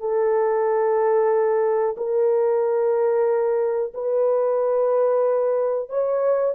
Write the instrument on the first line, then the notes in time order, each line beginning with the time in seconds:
horn
0.00 A4
1.97 A#4
3.94 B4
5.89 C#5